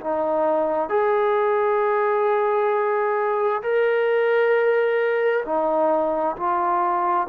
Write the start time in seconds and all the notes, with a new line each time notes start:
0.00 D#4
0.89 G#4
3.62 A#4
5.45 D#4
6.36 F4